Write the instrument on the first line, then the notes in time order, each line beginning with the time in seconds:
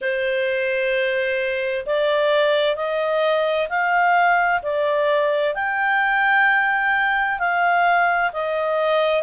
clarinet
0.01 C5
1.85 D5
2.76 D#5
3.69 F5
4.62 D5
5.54 G5
7.38 F5
8.32 D#5